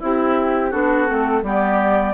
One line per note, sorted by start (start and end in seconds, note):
0.00 0.74 C4
0.00 0.71 E4
0.00 0.72 E4
0.00 0.73 G4
0.71 1.09 B3
0.71 1.07 D4
0.71 1.42 F#4
0.71 1.44 A4
1.07 1.43 A3
1.07 1.43 C4
1.43 2.14 G3
1.43 2.14 B3
1.43 2.14 G4
1.43 2.14 D5